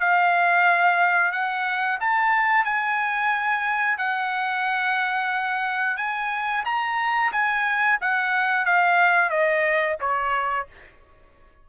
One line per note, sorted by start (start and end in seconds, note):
0.00 1.32 F5
1.32 1.98 F#5
2.00 2.65 A5
2.65 3.98 G#5
3.98 5.97 F#5
5.97 6.64 G#5
6.65 7.32 A#5
7.32 7.99 G#5
8.01 8.65 F#5
8.65 9.30 F5
9.30 9.97 D#5
10.00 10.67 C#5